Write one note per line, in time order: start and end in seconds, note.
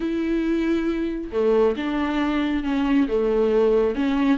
0.00 1.30 E4
1.32 1.75 A3
1.76 2.63 D4
2.63 3.07 C#4
3.08 3.95 A3
3.95 4.37 C#4